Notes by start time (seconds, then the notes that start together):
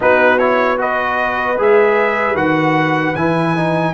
0.00 B3 D#4 F#4 B4
0.38 E4 C#5
0.77 F#4 B4 D#5
1.58 G#3 G#4 E5
2.34 D#3 F#4 F#5
3.15 E3 E4 G#5
3.56 D#4